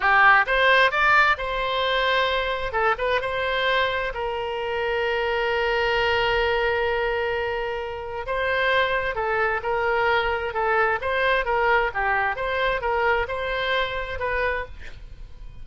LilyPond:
\new Staff \with { instrumentName = "oboe" } { \time 4/4 \tempo 4 = 131 g'4 c''4 d''4 c''4~ | c''2 a'8 b'8 c''4~ | c''4 ais'2.~ | ais'1~ |
ais'2 c''2 | a'4 ais'2 a'4 | c''4 ais'4 g'4 c''4 | ais'4 c''2 b'4 | }